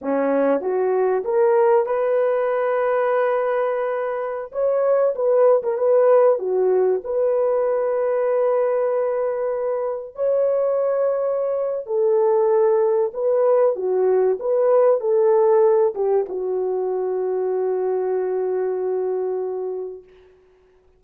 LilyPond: \new Staff \with { instrumentName = "horn" } { \time 4/4 \tempo 4 = 96 cis'4 fis'4 ais'4 b'4~ | b'2.~ b'16 cis''8.~ | cis''16 b'8. ais'16 b'4 fis'4 b'8.~ | b'1~ |
b'16 cis''2~ cis''8. a'4~ | a'4 b'4 fis'4 b'4 | a'4. g'8 fis'2~ | fis'1 | }